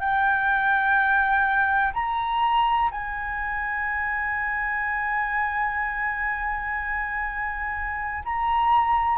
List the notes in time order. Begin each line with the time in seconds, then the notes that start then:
0.00 G5
1.94 A#5
2.91 G#5
8.25 A#5